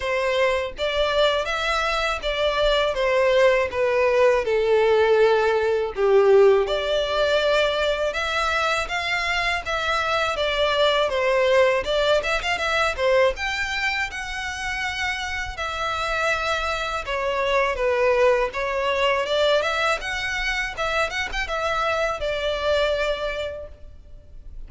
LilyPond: \new Staff \with { instrumentName = "violin" } { \time 4/4 \tempo 4 = 81 c''4 d''4 e''4 d''4 | c''4 b'4 a'2 | g'4 d''2 e''4 | f''4 e''4 d''4 c''4 |
d''8 e''16 f''16 e''8 c''8 g''4 fis''4~ | fis''4 e''2 cis''4 | b'4 cis''4 d''8 e''8 fis''4 | e''8 fis''16 g''16 e''4 d''2 | }